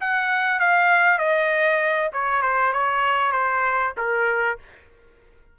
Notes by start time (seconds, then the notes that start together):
0.00 F#5
0.59 F5
1.18 D#5
2.13 C#5
2.42 C5
2.73 C#5
3.32 C5
3.97 A#4